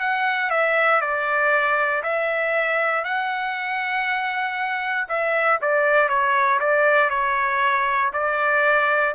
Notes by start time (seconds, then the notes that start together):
0.00 F#5
0.51 E5
1.02 D5
2.03 E5
3.05 F#5
5.09 E5
5.62 D5
6.09 C#5
6.61 D5
7.10 C#5
8.14 D5